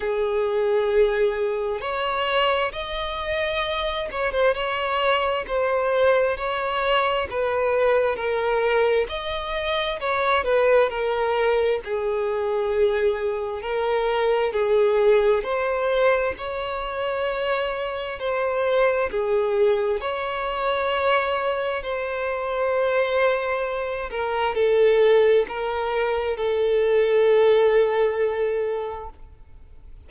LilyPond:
\new Staff \with { instrumentName = "violin" } { \time 4/4 \tempo 4 = 66 gis'2 cis''4 dis''4~ | dis''8 cis''16 c''16 cis''4 c''4 cis''4 | b'4 ais'4 dis''4 cis''8 b'8 | ais'4 gis'2 ais'4 |
gis'4 c''4 cis''2 | c''4 gis'4 cis''2 | c''2~ c''8 ais'8 a'4 | ais'4 a'2. | }